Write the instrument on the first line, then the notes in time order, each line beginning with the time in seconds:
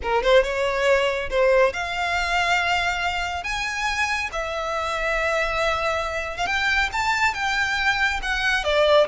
violin
0.02 A#4
0.22 C5
0.43 C#5
1.29 C5
1.73 F5
3.43 G#5
4.32 E5
6.37 F5
6.46 G5
6.92 A5
7.34 G5
8.22 F#5
8.64 D5